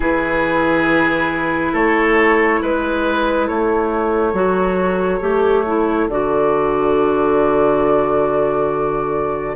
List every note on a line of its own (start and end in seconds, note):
0.00 1.73 E3
0.00 4.34 E4
0.00 1.72 G#4
0.00 1.75 B4
1.72 2.60 A3
1.72 2.59 A4
1.72 2.62 C#5
2.62 3.49 G#3
2.62 3.46 B4
2.62 3.47 B4
3.46 4.33 A3
3.46 9.55 A4
3.46 6.08 C#5
4.33 5.20 F#3
4.33 5.20 F#4
5.20 6.08 A3
5.20 5.63 G4
5.66 6.09 E4
6.08 9.55 D3
6.08 9.55 F#4
6.08 9.55 D5